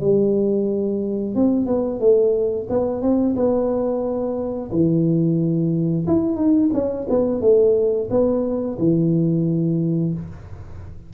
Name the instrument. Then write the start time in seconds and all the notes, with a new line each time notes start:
tuba
0.00 G3
1.35 C4
1.66 B3
2.00 A3
2.69 B3
3.02 C4
3.36 B3
4.71 E3
6.07 E4
6.36 D#4
6.73 C#4
7.09 B3
7.41 A3
8.10 B3
8.79 E3